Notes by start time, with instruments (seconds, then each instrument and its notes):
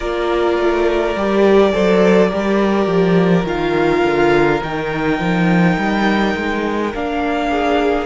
0.00 cello A#3, viola F4, violin A#4 D5
0.58 cello A3
1.15 cello G3, viola G4
1.73 cello F#3, viola A4, violin C5
2.29 cello G3, viola G4, violin A#4
2.86 cello F3
3.44 cello D#3, viola F4, violin F5
4.04 cello D3
4.61 cello D#3, viola D#4, violin G5
5.19 cello F3
5.77 cello G3
6.35 cello G#3
6.94 cello A#3, viola D4, violin F5
7.50 violin G#4